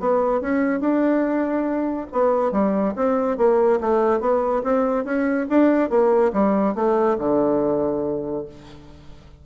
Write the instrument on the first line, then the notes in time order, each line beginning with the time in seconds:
bassoon
0.00 B3
0.41 C#4
0.81 D4
2.13 B3
2.52 G3
2.96 C4
3.38 A#3
3.81 A3
4.21 B3
4.64 C4
5.05 C#4
5.50 D4
5.90 A#3
6.34 G3
6.75 A3
7.19 D3